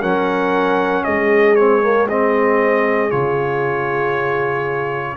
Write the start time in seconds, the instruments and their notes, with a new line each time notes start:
0.00 tuba F#3, trombone C#4, horn A#4, trumpet F#5
1.04 tuba G#3, horn G#4, trumpet D#5
1.55 trombone C4, trumpet C#5
1.82 trombone A#3
2.09 trombone C4, trumpet D#5
3.10 tuba C#3, trombone F4, trumpet C#5